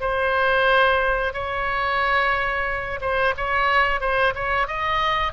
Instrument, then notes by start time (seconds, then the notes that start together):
oboe
0.00 C5
1.33 C#5
3.00 C5
3.36 C#5
4.00 C5
4.35 C#5
4.67 D#5